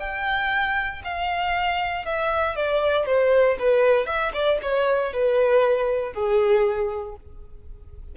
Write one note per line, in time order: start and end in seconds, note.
0.00 1.03 G5
1.04 2.06 F5
2.06 2.56 E5
2.56 3.06 D5
3.06 3.58 C5
3.59 4.07 B4
4.07 4.32 E5
4.34 4.59 D5
4.63 5.13 C#5
5.13 6.14 B4
6.14 7.16 G#4